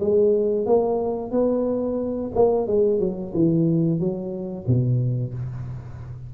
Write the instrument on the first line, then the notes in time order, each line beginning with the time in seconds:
tuba
0.00 G#3
0.66 A#3
1.31 B3
2.35 A#3
2.67 G#3
2.99 F#3
3.33 E3
3.99 F#3
4.67 B2